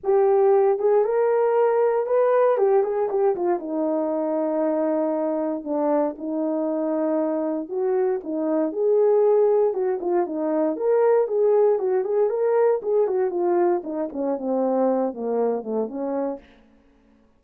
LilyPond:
\new Staff \with { instrumentName = "horn" } { \time 4/4 \tempo 4 = 117 g'4. gis'8 ais'2 | b'4 g'8 gis'8 g'8 f'8 dis'4~ | dis'2. d'4 | dis'2. fis'4 |
dis'4 gis'2 fis'8 f'8 | dis'4 ais'4 gis'4 fis'8 gis'8 | ais'4 gis'8 fis'8 f'4 dis'8 cis'8 | c'4. ais4 a8 cis'4 | }